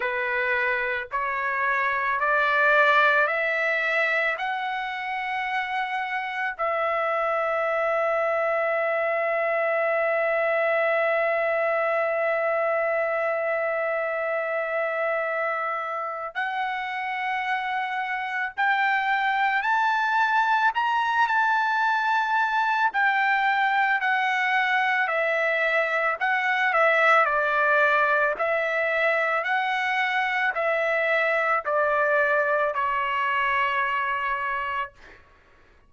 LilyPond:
\new Staff \with { instrumentName = "trumpet" } { \time 4/4 \tempo 4 = 55 b'4 cis''4 d''4 e''4 | fis''2 e''2~ | e''1~ | e''2. fis''4~ |
fis''4 g''4 a''4 ais''8 a''8~ | a''4 g''4 fis''4 e''4 | fis''8 e''8 d''4 e''4 fis''4 | e''4 d''4 cis''2 | }